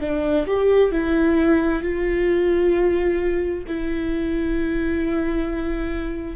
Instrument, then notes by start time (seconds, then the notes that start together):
viola
0.00 D4
0.46 G4
0.91 E4
1.82 F4
3.67 E4